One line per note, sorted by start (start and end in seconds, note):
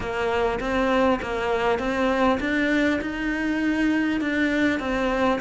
0.00 0.59 A#3
0.59 1.19 C4
1.22 1.78 A#3
1.78 2.38 C4
2.40 3.00 D4
3.01 4.20 D#4
4.20 4.79 D4
4.79 5.39 C4